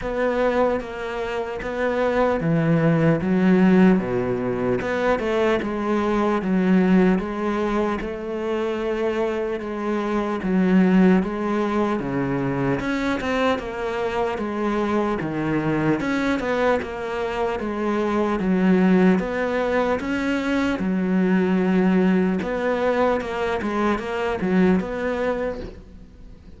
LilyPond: \new Staff \with { instrumentName = "cello" } { \time 4/4 \tempo 4 = 75 b4 ais4 b4 e4 | fis4 b,4 b8 a8 gis4 | fis4 gis4 a2 | gis4 fis4 gis4 cis4 |
cis'8 c'8 ais4 gis4 dis4 | cis'8 b8 ais4 gis4 fis4 | b4 cis'4 fis2 | b4 ais8 gis8 ais8 fis8 b4 | }